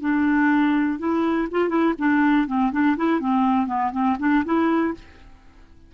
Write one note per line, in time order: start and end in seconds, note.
0.00 0.98 D4
0.98 1.48 E4
1.51 1.69 F4
1.69 1.93 E4
1.98 2.47 D4
2.47 2.71 C4
2.72 2.96 D4
2.96 3.19 E4
3.19 3.67 C4
3.67 3.91 B3
3.92 4.16 C4
4.19 4.44 D4
4.45 4.94 E4